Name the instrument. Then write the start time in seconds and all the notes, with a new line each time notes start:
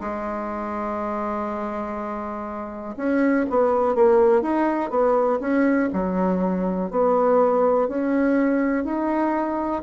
bassoon
0.00 G#3
2.96 C#4
3.50 B3
3.95 A#3
4.42 D#4
4.90 B3
5.40 C#4
5.92 F#3
6.90 B3
7.88 C#4
8.84 D#4